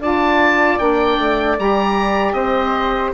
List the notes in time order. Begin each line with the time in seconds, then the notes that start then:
0.00 D4 F4 D5 A5
0.79 A#3 D4 G5
1.18 A3
1.59 G3 G4 A#5
2.33 C4 C5 D#5